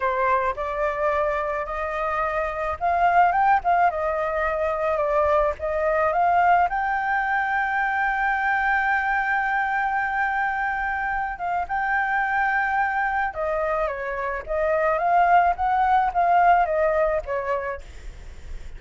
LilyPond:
\new Staff \with { instrumentName = "flute" } { \time 4/4 \tempo 4 = 108 c''4 d''2 dis''4~ | dis''4 f''4 g''8 f''8 dis''4~ | dis''4 d''4 dis''4 f''4 | g''1~ |
g''1~ | g''8 f''8 g''2. | dis''4 cis''4 dis''4 f''4 | fis''4 f''4 dis''4 cis''4 | }